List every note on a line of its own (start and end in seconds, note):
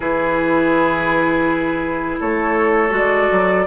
0.00 2.18 E3
0.00 2.90 E4
0.00 2.20 G#4
0.00 2.18 B4
2.20 2.91 A3
2.20 3.66 A4
2.20 2.94 C#5
2.90 3.27 G#3
2.90 3.63 F#4
2.90 3.66 D5
3.31 3.66 F#3